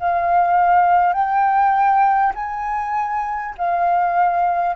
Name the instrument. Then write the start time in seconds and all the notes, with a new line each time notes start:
flute
0.00 F5
1.13 G5
2.36 G#5
3.58 F5